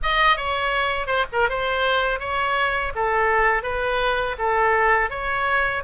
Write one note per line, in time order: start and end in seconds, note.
0.02 0.36 D#5
0.36 1.06 C#5
1.06 1.24 C5
1.32 1.49 A#4
1.49 2.19 C5
2.19 2.92 C#5
2.95 3.62 A4
3.62 4.35 B4
4.38 5.10 A4
5.10 5.83 C#5